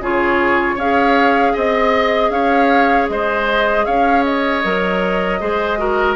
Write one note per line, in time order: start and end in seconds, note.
0.00 0.77 C#3
0.00 0.79 F4
0.00 0.75 G#4
0.00 0.79 C#5
0.75 1.54 C#4
0.75 4.64 G#4
0.75 1.52 C#5
0.75 1.56 F5
1.53 2.30 C4
1.53 2.30 D#5
2.30 3.07 C#4
2.30 3.10 C#5
2.30 3.07 F5
3.09 3.86 G#3
3.09 3.86 C5
3.09 3.85 D#5
3.85 4.64 C#4
3.85 5.39 C#5
3.85 4.24 F5
4.24 6.15 D#5
4.64 5.41 F#3
4.64 5.40 A#4
5.40 6.15 G#3
5.40 5.77 G#4
5.40 5.79 C5
5.77 6.15 F#4
5.77 6.15 A#4